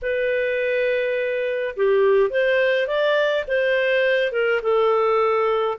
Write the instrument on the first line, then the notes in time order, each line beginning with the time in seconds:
clarinet
0.02 B4
1.76 G4
2.29 C5
2.87 D5
3.47 C5
4.31 A#4
4.62 A4